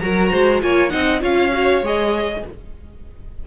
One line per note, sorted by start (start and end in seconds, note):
0.00 0.32 F#3
0.00 0.61 F#4
0.00 0.31 A#4
0.00 0.61 A#5
0.31 0.62 G#3
0.31 0.62 C5
0.61 0.93 A#3
0.61 0.90 F4
0.61 0.92 C#5
0.61 0.90 G#5
0.90 1.23 C4
0.90 1.20 D#4
0.90 1.22 D#5
0.90 1.20 F#5
1.21 1.82 C#4
1.21 1.51 F4
1.21 2.43 C#5
1.21 1.84 F5
1.53 1.83 F#4
1.82 2.43 G#3
1.82 2.46 G#4
1.82 2.47 D#5